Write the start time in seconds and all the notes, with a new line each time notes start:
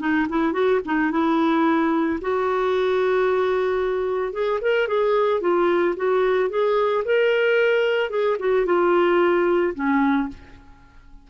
0.00 D#4
0.29 E4
0.53 F#4
0.86 D#4
1.12 E4
2.22 F#4
4.33 G#4
4.62 A#4
4.88 G#4
5.41 F4
5.97 F#4
6.50 G#4
7.05 A#4
8.10 G#4
8.40 F#4
8.66 F4
9.75 C#4